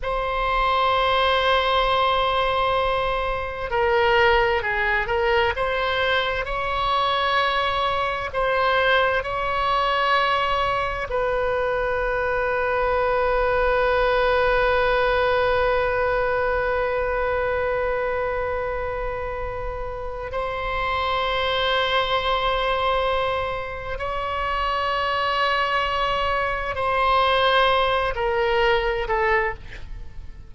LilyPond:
\new Staff \with { instrumentName = "oboe" } { \time 4/4 \tempo 4 = 65 c''1 | ais'4 gis'8 ais'8 c''4 cis''4~ | cis''4 c''4 cis''2 | b'1~ |
b'1~ | b'2 c''2~ | c''2 cis''2~ | cis''4 c''4. ais'4 a'8 | }